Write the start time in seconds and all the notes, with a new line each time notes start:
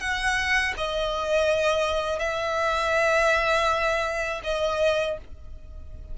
0.00 F#5
0.77 D#5
2.19 E5
4.43 D#5